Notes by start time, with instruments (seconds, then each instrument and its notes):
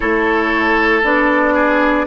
0.00 bassoon A3, clarinet E4, oboe A4, flute C#5
1.03 bassoon B3, clarinet D4, flute D5
1.53 oboe G#4